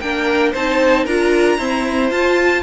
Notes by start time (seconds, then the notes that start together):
0.00 A#3 D4 A#4 G5
0.52 C4 D#4 C5 A5
1.04 D4 F4 A#4 A#5
1.58 C4 E4 C5
2.11 F4 A5